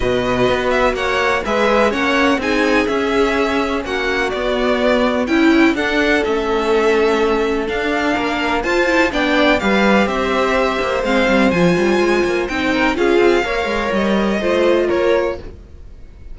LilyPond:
<<
  \new Staff \with { instrumentName = "violin" } { \time 4/4 \tempo 4 = 125 dis''4. e''8 fis''4 e''4 | fis''4 gis''4 e''2 | fis''4 d''2 g''4 | fis''4 e''2. |
f''2 a''4 g''4 | f''4 e''2 f''4 | gis''2 g''4 f''4~ | f''4 dis''2 cis''4 | }
  \new Staff \with { instrumentName = "violin" } { \time 4/4 b'2 cis''4 b'4 | cis''4 gis'2. | fis'2. e'4 | a'1~ |
a'4 ais'4 c''4 d''4 | b'4 c''2.~ | c''2~ c''8 ais'8 gis'4 | cis''2 c''4 ais'4 | }
  \new Staff \with { instrumentName = "viola" } { \time 4/4 fis'2. gis'4 | cis'4 dis'4 cis'2~ | cis'4 b2 e'4 | d'4 cis'2. |
d'2 f'8 e'8 d'4 | g'2. c'4 | f'2 dis'4 f'4 | ais'2 f'2 | }
  \new Staff \with { instrumentName = "cello" } { \time 4/4 b,4 b4 ais4 gis4 | ais4 c'4 cis'2 | ais4 b2 cis'4 | d'4 a2. |
d'4 ais4 f'4 b4 | g4 c'4. ais8 gis8 g8 | f8 g8 gis8 ais8 c'4 cis'8 c'8 | ais8 gis8 g4 a4 ais4 | }
>>